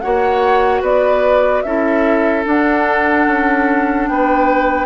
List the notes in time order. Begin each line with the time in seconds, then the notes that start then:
0.00 A#3 F#4 C#5 F#5
0.81 B3 B4 D5
1.62 C#4 E4 A4 E5
2.44 D4 F#5
3.26 C#4
4.08 B3 B4 G5